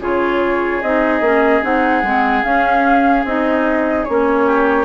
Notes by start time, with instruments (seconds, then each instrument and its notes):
0.00 bassoon C#3, clarinet F4, oboe G#4, flute C#5
0.82 bassoon C4, clarinet D#4, flute D#5
1.20 bassoon A#3, clarinet C#4
1.62 bassoon C4, clarinet D#4, flute F#5
2.03 bassoon G#3, clarinet C4
2.43 clarinet C#4, bassoon C#4, flute F5
3.24 bassoon C4, clarinet D#4, flute D#5
4.04 bassoon A#3, clarinet C#4, flute C#5
4.46 oboe G4